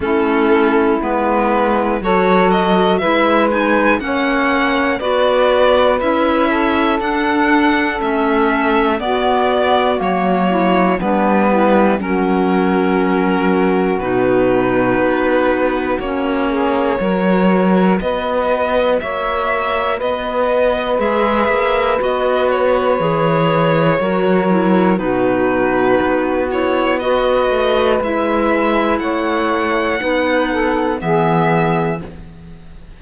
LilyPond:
<<
  \new Staff \with { instrumentName = "violin" } { \time 4/4 \tempo 4 = 60 a'4 b'4 cis''8 dis''8 e''8 gis''8 | fis''4 d''4 e''4 fis''4 | e''4 d''4 cis''4 b'4 | ais'2 b'2 |
cis''2 dis''4 e''4 | dis''4 e''4 dis''8 cis''4.~ | cis''4 b'4. cis''8 dis''4 | e''4 fis''2 e''4 | }
  \new Staff \with { instrumentName = "saxophone" } { \time 4/4 e'2 a'4 b'4 | cis''4 b'4. a'4.~ | a'4 fis'4. e'8 d'8 e'8 | fis'1~ |
fis'8 gis'8 ais'4 b'4 cis''4 | b'1 | ais'4 fis'2 b'4~ | b'4 cis''4 b'8 a'8 gis'4 | }
  \new Staff \with { instrumentName = "clarinet" } { \time 4/4 cis'4 b4 fis'4 e'8 dis'8 | cis'4 fis'4 e'4 d'4 | cis'4 b4 ais4 b4 | cis'2 dis'2 |
cis'4 fis'2.~ | fis'4 gis'4 fis'4 gis'4 | fis'8 e'8 dis'4. e'8 fis'4 | e'2 dis'4 b4 | }
  \new Staff \with { instrumentName = "cello" } { \time 4/4 a4 gis4 fis4 gis4 | ais4 b4 cis'4 d'4 | a4 b4 fis4 g4 | fis2 b,4 b4 |
ais4 fis4 b4 ais4 | b4 gis8 ais8 b4 e4 | fis4 b,4 b4. a8 | gis4 a4 b4 e4 | }
>>